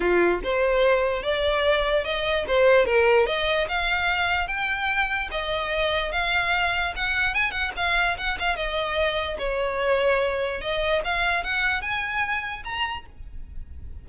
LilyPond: \new Staff \with { instrumentName = "violin" } { \time 4/4 \tempo 4 = 147 f'4 c''2 d''4~ | d''4 dis''4 c''4 ais'4 | dis''4 f''2 g''4~ | g''4 dis''2 f''4~ |
f''4 fis''4 gis''8 fis''8 f''4 | fis''8 f''8 dis''2 cis''4~ | cis''2 dis''4 f''4 | fis''4 gis''2 ais''4 | }